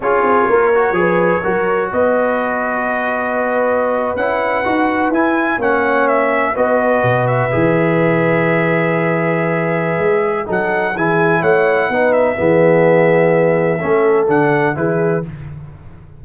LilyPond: <<
  \new Staff \with { instrumentName = "trumpet" } { \time 4/4 \tempo 4 = 126 cis''1 | dis''1~ | dis''8. fis''2 gis''4 fis''16~ | fis''8. e''4 dis''4. e''8.~ |
e''1~ | e''2 fis''4 gis''4 | fis''4. e''2~ e''8~ | e''2 fis''4 b'4 | }
  \new Staff \with { instrumentName = "horn" } { \time 4/4 gis'4 ais'4 b'4 ais'4 | b'1~ | b'2.~ b'8. cis''16~ | cis''4.~ cis''16 b'2~ b'16~ |
b'1~ | b'2 a'4 gis'4 | cis''4 b'4 gis'2~ | gis'4 a'2 gis'4 | }
  \new Staff \with { instrumentName = "trombone" } { \time 4/4 f'4. fis'8 gis'4 fis'4~ | fis'1~ | fis'8. e'4 fis'4 e'4 cis'16~ | cis'4.~ cis'16 fis'2 gis'16~ |
gis'1~ | gis'2 dis'4 e'4~ | e'4 dis'4 b2~ | b4 cis'4 d'4 e'4 | }
  \new Staff \with { instrumentName = "tuba" } { \time 4/4 cis'8 c'8 ais4 f4 fis4 | b1~ | b8. cis'4 dis'4 e'4 ais16~ | ais4.~ ais16 b4 b,4 e16~ |
e1~ | e4 gis4 fis4 e4 | a4 b4 e2~ | e4 a4 d4 e4 | }
>>